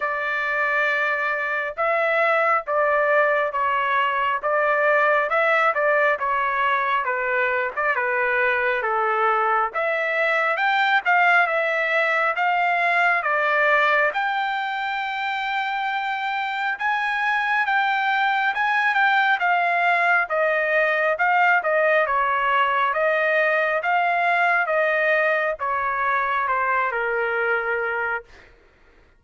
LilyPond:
\new Staff \with { instrumentName = "trumpet" } { \time 4/4 \tempo 4 = 68 d''2 e''4 d''4 | cis''4 d''4 e''8 d''8 cis''4 | b'8. d''16 b'4 a'4 e''4 | g''8 f''8 e''4 f''4 d''4 |
g''2. gis''4 | g''4 gis''8 g''8 f''4 dis''4 | f''8 dis''8 cis''4 dis''4 f''4 | dis''4 cis''4 c''8 ais'4. | }